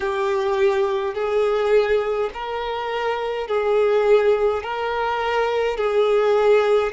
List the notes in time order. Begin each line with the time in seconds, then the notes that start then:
0.00 G4
1.14 G#4
2.33 A#4
3.47 G#4
4.63 A#4
5.77 G#4